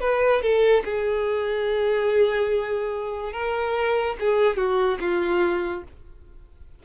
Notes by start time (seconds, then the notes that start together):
0.00 B4
0.42 A4
0.84 G#4
3.32 A#4
4.19 G#4
4.56 F#4
5.00 F4